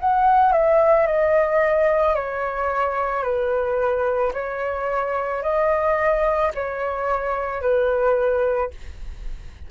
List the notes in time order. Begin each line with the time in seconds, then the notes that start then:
0.00 F#5
0.53 E5
1.07 D#5
2.15 C#5
3.23 B4
4.34 C#5
5.43 D#5
6.55 C#5
7.62 B4